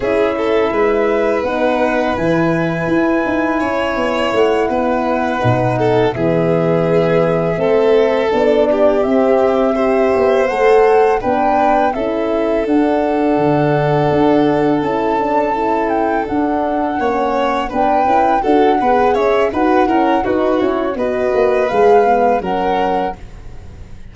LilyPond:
<<
  \new Staff \with { instrumentName = "flute" } { \time 4/4 \tempo 4 = 83 e''2 fis''4 gis''4~ | gis''2 fis''2~ | fis''8 e''2. d''8~ | d''8 e''2 fis''4 g''8~ |
g''8 e''4 fis''2~ fis''8~ | fis''8 a''4. g''8 fis''4.~ | fis''8 g''4 fis''4 e''8 fis''4 | b'8 cis''8 dis''4 f''4 fis''4 | }
  \new Staff \with { instrumentName = "violin" } { \time 4/4 gis'8 a'8 b'2.~ | b'4 cis''4. b'4. | a'8 gis'2 a'4. | g'4. c''2 b'8~ |
b'8 a'2.~ a'8~ | a'2.~ a'8 cis''8~ | cis''8 b'4 a'8 b'8 cis''8 b'8 ais'8 | fis'4 b'2 ais'4 | }
  \new Staff \with { instrumentName = "horn" } { \time 4/4 e'2 dis'4 e'4~ | e'2.~ e'8 dis'8~ | dis'8 b2 c'4 d'8~ | d'8 c'4 g'4 a'4 d'8~ |
d'8 e'4 d'2~ d'8~ | d'8 e'8 d'8 e'4 d'4 cis'8~ | cis'8 d'8 e'8 fis'8 gis'4 fis'8 cis'8 | dis'8 e'8 fis'4 gis'8 b8 cis'4 | }
  \new Staff \with { instrumentName = "tuba" } { \time 4/4 cis'4 gis4 b4 e4 | e'8 dis'8 cis'8 b8 a8 b4 b,8~ | b,8 e2 a4 b8~ | b8 c'4. b8 a4 b8~ |
b8 cis'4 d'4 d4 d'8~ | d'8 cis'2 d'4 ais8~ | ais8 b8 cis'8 d'8 b8 cis'8 dis'8 e'8 | dis'8 cis'8 b8 ais8 gis4 fis4 | }
>>